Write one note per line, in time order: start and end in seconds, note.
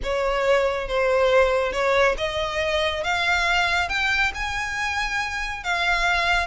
0.03 0.88 C#5
0.88 1.72 C5
1.72 2.15 C#5
2.17 3.03 D#5
3.03 3.88 F5
3.88 4.32 G5
4.34 5.63 G#5
5.63 6.46 F5